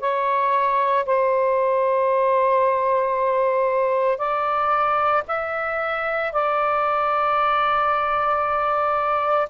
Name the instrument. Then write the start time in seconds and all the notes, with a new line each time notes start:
saxophone
0.00 C#5
1.06 C5
4.18 D5
5.27 E5
6.33 D5